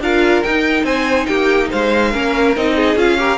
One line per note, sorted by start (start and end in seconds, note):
0.00 0.42 D4
0.00 0.45 F4
0.00 0.85 A#4
0.00 0.43 F5
0.43 0.83 D#4
0.43 2.13 D#4
0.43 0.85 G5
0.83 1.26 C4
0.83 1.27 C5
0.83 1.26 G#5
1.26 1.72 A#3
1.26 1.70 G4
1.26 1.68 G5
1.70 2.15 G#3
1.70 2.11 C5
1.70 2.56 F5
2.11 2.56 A#3
2.11 2.55 C#4
2.11 2.74 A#4
2.56 2.95 C4
2.56 2.97 D#4
2.56 2.98 D#5
2.76 3.18 G#4
2.95 3.38 C#4
2.95 3.18 F4
2.95 3.38 F5
3.18 3.38 G4
3.18 3.38 A#4